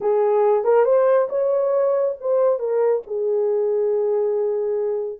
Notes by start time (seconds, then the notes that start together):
0.00 G#4
0.64 A#4
0.85 C5
1.29 C#5
2.20 C5
2.59 A#4
3.06 G#4